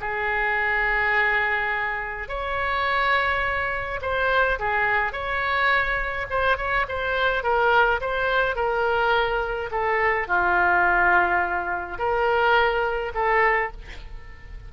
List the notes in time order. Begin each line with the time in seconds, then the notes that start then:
0.00 G#4
2.28 C#5
4.01 C5
4.59 G#4
5.12 C#5
6.30 C5
6.57 C#5
6.88 C5
7.43 A#4
8.01 C5
8.55 A#4
9.71 A4
10.27 F4
11.98 A#4
13.14 A4